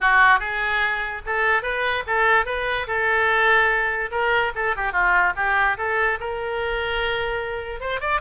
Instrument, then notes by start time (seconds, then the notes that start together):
oboe
0.00 F#4
0.39 G#4
1.26 A4
1.62 B4
2.07 A4
2.45 B4
2.87 A4
4.11 A#4
4.55 A4
4.76 G4
4.92 F4
5.36 G4
5.77 A4
6.20 A#4
7.80 C5
8.00 D5